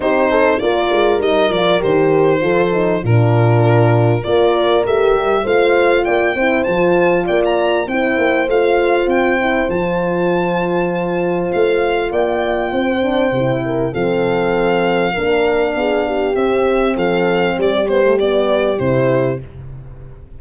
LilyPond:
<<
  \new Staff \with { instrumentName = "violin" } { \time 4/4 \tempo 4 = 99 c''4 d''4 dis''8 d''8 c''4~ | c''4 ais'2 d''4 | e''4 f''4 g''4 a''4 | g''16 ais''8. g''4 f''4 g''4 |
a''2. f''4 | g''2. f''4~ | f''2. e''4 | f''4 d''8 c''8 d''4 c''4 | }
  \new Staff \with { instrumentName = "horn" } { \time 4/4 g'8 a'8 ais'2. | a'4 f'2 ais'4~ | ais'4 c''4 d''8 c''4. | d''4 c''2.~ |
c''1 | d''4 c''4. ais'8 a'4~ | a'4 ais'4 gis'8 g'4. | a'4 g'2. | }
  \new Staff \with { instrumentName = "horn" } { \time 4/4 dis'4 f'4 dis'8 f'8 g'4 | f'8 dis'8 d'2 f'4 | g'4 f'4. e'8 f'4~ | f'4 e'4 f'4. e'8 |
f'1~ | f'4. d'8 e'4 c'4~ | c'4 d'2 c'4~ | c'4. b16 a16 b4 e'4 | }
  \new Staff \with { instrumentName = "tuba" } { \time 4/4 c'4 ais8 gis8 g8 f8 dis4 | f4 ais,2 ais4 | a8 g8 a4 ais8 c'8 f4 | ais4 c'8 ais8 a4 c'4 |
f2. a4 | ais4 c'4 c4 f4~ | f4 ais4 b4 c'4 | f4 g2 c4 | }
>>